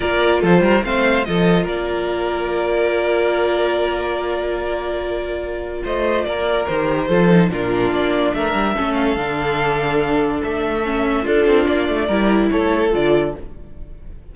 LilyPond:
<<
  \new Staff \with { instrumentName = "violin" } { \time 4/4 \tempo 4 = 144 d''4 c''4 f''4 dis''4 | d''1~ | d''1~ | d''2 dis''4 d''4 |
c''2 ais'4 d''4 | e''4. f''2~ f''8~ | f''4 e''2 a'4 | d''2 cis''4 d''4 | }
  \new Staff \with { instrumentName = "violin" } { \time 4/4 ais'4 a'8 ais'8 c''4 a'4 | ais'1~ | ais'1~ | ais'2 c''4 ais'4~ |
ais'4 a'4 f'2 | ais'4 a'2.~ | a'2. f'4~ | f'4 ais'4 a'2 | }
  \new Staff \with { instrumentName = "viola" } { \time 4/4 f'2 c'4 f'4~ | f'1~ | f'1~ | f'1 |
g'4 f'8 dis'8 d'2~ | d'4 cis'4 d'2~ | d'2 cis'4 d'4~ | d'4 e'2 f'4 | }
  \new Staff \with { instrumentName = "cello" } { \time 4/4 ais4 f8 g8 a4 f4 | ais1~ | ais1~ | ais2 a4 ais4 |
dis4 f4 ais,4 ais4 | a8 g8 a4 d2~ | d4 a2 d'8 c'8 | ais8 a8 g4 a4 d4 | }
>>